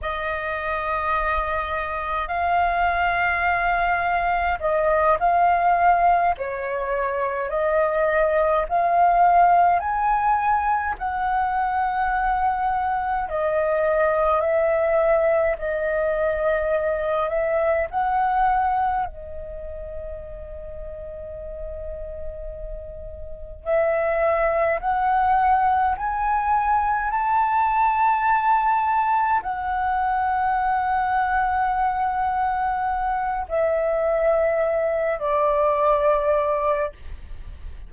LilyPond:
\new Staff \with { instrumentName = "flute" } { \time 4/4 \tempo 4 = 52 dis''2 f''2 | dis''8 f''4 cis''4 dis''4 f''8~ | f''8 gis''4 fis''2 dis''8~ | dis''8 e''4 dis''4. e''8 fis''8~ |
fis''8 dis''2.~ dis''8~ | dis''8 e''4 fis''4 gis''4 a''8~ | a''4. fis''2~ fis''8~ | fis''4 e''4. d''4. | }